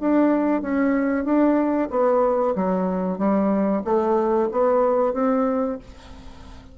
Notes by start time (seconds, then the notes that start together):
0.00 D4
0.62 C#4
1.24 D4
1.90 B3
2.55 F#3
3.18 G3
3.84 A3
4.51 B3
5.13 C4